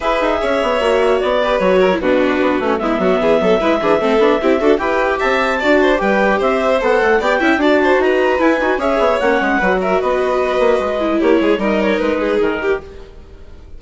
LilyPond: <<
  \new Staff \with { instrumentName = "clarinet" } { \time 4/4 \tempo 4 = 150 e''2. d''4 | cis''4 b'2 e''4~ | e''1 | g''4 a''2 g''4 |
e''4 fis''4 g''4 a''4 | ais''4 gis''4 e''4 fis''4~ | fis''8 e''8 dis''2. | cis''4 dis''8 cis''8 b'4 ais'4 | }
  \new Staff \with { instrumentName = "violin" } { \time 4/4 b'4 cis''2~ cis''8 b'8~ | b'8 ais'8 fis'2 e'8 fis'8 | gis'8 a'8 b'8 gis'8 a'4 g'8 a'8 | b'4 e''4 d''8 c''8 b'4 |
c''2 d''8 e''8 d''8 c''8 | b'2 cis''2 | b'8 ais'8 b'2. | g'8 gis'8 ais'4. gis'4 g'8 | }
  \new Staff \with { instrumentName = "viola" } { \time 4/4 gis'2 fis'4. g'8 | fis'8. e'16 d'4. cis'8 b4~ | b4 e'8 d'8 c'8 d'8 e'8 fis'8 | g'2 fis'4 g'4~ |
g'4 a'4 g'8 e'8 fis'4~ | fis'4 e'8 fis'8 gis'4 cis'4 | fis'2.~ fis'8 e'8~ | e'4 dis'2. | }
  \new Staff \with { instrumentName = "bassoon" } { \time 4/4 e'8 dis'8 cis'8 b8 ais4 b4 | fis4 b,4 b8 a8 gis8 fis8 | e8 fis8 gis8 e8 a8 b8 c'8 d'8 | e'4 c'4 d'4 g4 |
c'4 b8 a8 b8 cis'8 d'4 | dis'4 e'8 dis'8 cis'8 b8 ais8 gis8 | fis4 b4. ais8 gis4 | ais8 gis8 g4 gis4 dis4 | }
>>